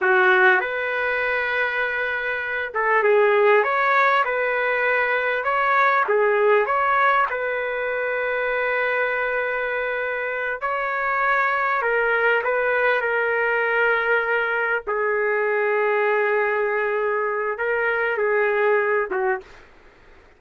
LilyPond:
\new Staff \with { instrumentName = "trumpet" } { \time 4/4 \tempo 4 = 99 fis'4 b'2.~ | b'8 a'8 gis'4 cis''4 b'4~ | b'4 cis''4 gis'4 cis''4 | b'1~ |
b'4. cis''2 ais'8~ | ais'8 b'4 ais'2~ ais'8~ | ais'8 gis'2.~ gis'8~ | gis'4 ais'4 gis'4. fis'8 | }